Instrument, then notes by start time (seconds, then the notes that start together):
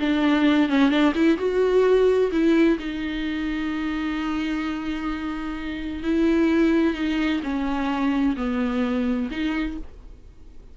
viola
0.00 D4
0.69 C#4
0.90 D4
1.15 E4
1.38 F#4
2.32 E4
2.79 D#4
6.04 E4
6.95 D#4
7.43 C#4
8.37 B3
9.31 D#4